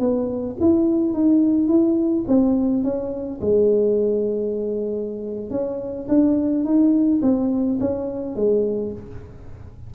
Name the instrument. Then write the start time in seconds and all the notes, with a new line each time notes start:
tuba
0.00 B3
0.61 E4
1.14 D#4
1.68 E4
2.28 C4
2.84 C#4
3.41 G#3
5.51 C#4
6.09 D4
6.65 D#4
7.22 C4
7.80 C#4
8.36 G#3